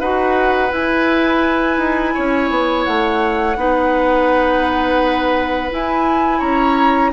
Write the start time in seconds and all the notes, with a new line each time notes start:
0.00 D#4 F#4 B4 F#5
0.70 E4 G#5
1.78 D#4
2.14 C#4 C#5
2.50 B3
2.84 A3 F#5
3.56 B3 D#4 B4
5.70 E4 G#5
6.39 C#4 C#5 A#5